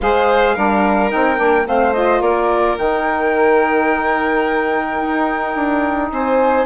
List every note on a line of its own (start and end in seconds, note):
0.01 0.56 G#3
0.01 0.56 G#4
0.01 0.55 C5
0.01 1.11 F5
0.55 1.12 G3
0.55 1.09 D4
0.55 1.66 A#4
1.09 1.39 C4
1.09 1.36 D#4
1.09 1.66 G5
1.36 1.66 A#3
1.36 1.63 D4
1.66 2.20 A3
1.66 1.93 C4
1.66 2.21 C5
1.66 1.93 F5
1.93 2.77 F4
1.93 2.21 D#5
2.20 2.76 A#3
2.20 6.10 A#4
2.20 2.77 D5
2.77 5.00 D#3
2.77 6.65 D#4
2.77 6.11 G5
5.00 5.55 D#4
5.55 6.10 D4
6.11 6.65 C4
6.11 6.65 C5
6.11 6.65 G#5